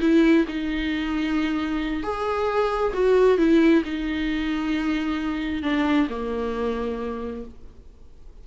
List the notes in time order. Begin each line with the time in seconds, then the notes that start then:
0.00 E4
0.48 D#4
2.03 G#4
2.93 F#4
3.38 E4
3.84 D#4
5.62 D4
6.09 A#3